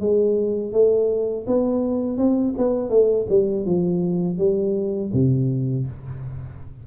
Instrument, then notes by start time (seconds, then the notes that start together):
tuba
0.00 G#3
0.73 A3
1.47 B3
2.18 C4
2.58 B3
2.90 A3
3.29 G3
3.66 F3
4.38 G3
5.14 C3